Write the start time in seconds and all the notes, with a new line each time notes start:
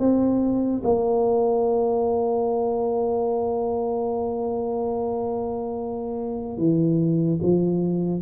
0.00 C4
0.84 A#3
6.58 E3
7.42 F3